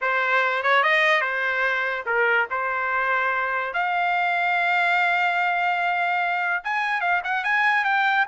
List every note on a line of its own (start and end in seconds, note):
0.01 0.62 C5
0.62 0.83 C#5
0.83 1.21 D#5
1.21 2.04 C5
2.06 2.47 A#4
2.50 3.73 C5
3.73 6.63 F5
6.64 7.00 G#5
7.00 7.21 F5
7.24 7.44 F#5
7.44 7.84 G#5
7.84 8.26 G5